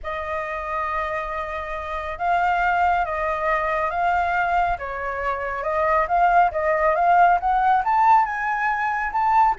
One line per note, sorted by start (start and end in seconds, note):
0.03 2.18 D#5
2.18 3.05 F5
3.05 3.90 D#5
3.90 4.77 F5
4.78 5.63 C#5
5.63 6.06 D#5
6.08 6.51 F5
6.51 6.95 D#5
6.95 7.38 F5
7.40 7.83 F#5
7.84 8.25 A5
8.25 9.12 G#5
9.12 9.55 A5